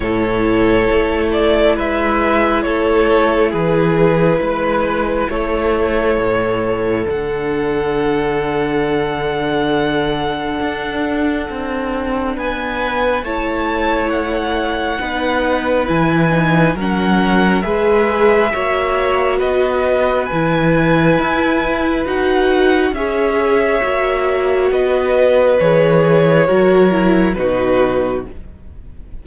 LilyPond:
<<
  \new Staff \with { instrumentName = "violin" } { \time 4/4 \tempo 4 = 68 cis''4. d''8 e''4 cis''4 | b'2 cis''2 | fis''1~ | fis''2 gis''4 a''4 |
fis''2 gis''4 fis''4 | e''2 dis''4 gis''4~ | gis''4 fis''4 e''2 | dis''4 cis''2 b'4 | }
  \new Staff \with { instrumentName = "violin" } { \time 4/4 a'2 b'4 a'4 | gis'4 b'4 a'2~ | a'1~ | a'2 b'4 cis''4~ |
cis''4 b'2 ais'4 | b'4 cis''4 b'2~ | b'2 cis''2 | b'2 ais'4 fis'4 | }
  \new Staff \with { instrumentName = "viola" } { \time 4/4 e'1~ | e'1 | d'1~ | d'2. e'4~ |
e'4 dis'4 e'8 dis'8 cis'4 | gis'4 fis'2 e'4~ | e'4 fis'4 gis'4 fis'4~ | fis'4 gis'4 fis'8 e'8 dis'4 | }
  \new Staff \with { instrumentName = "cello" } { \time 4/4 a,4 a4 gis4 a4 | e4 gis4 a4 a,4 | d1 | d'4 c'4 b4 a4~ |
a4 b4 e4 fis4 | gis4 ais4 b4 e4 | e'4 dis'4 cis'4 ais4 | b4 e4 fis4 b,4 | }
>>